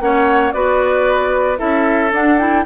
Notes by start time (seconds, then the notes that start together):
0.00 A#3 C#4 C#5 F#5
0.52 B3 F#4 B4 D5
1.57 C#4 E4 A4 E5
2.12 D4 F#5
2.38 E4 G5